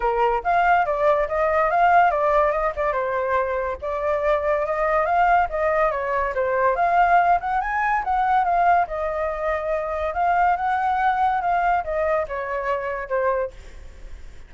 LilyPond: \new Staff \with { instrumentName = "flute" } { \time 4/4 \tempo 4 = 142 ais'4 f''4 d''4 dis''4 | f''4 d''4 dis''8 d''8 c''4~ | c''4 d''2 dis''4 | f''4 dis''4 cis''4 c''4 |
f''4. fis''8 gis''4 fis''4 | f''4 dis''2. | f''4 fis''2 f''4 | dis''4 cis''2 c''4 | }